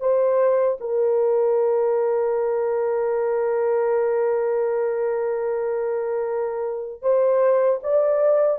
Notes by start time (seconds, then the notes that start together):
0.00 C5
0.80 A#4
7.02 C5
7.83 D5